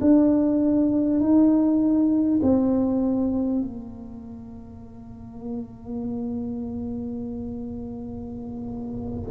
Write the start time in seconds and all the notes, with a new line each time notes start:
0.00 D4
1.20 D#4
2.42 C4
3.61 A#3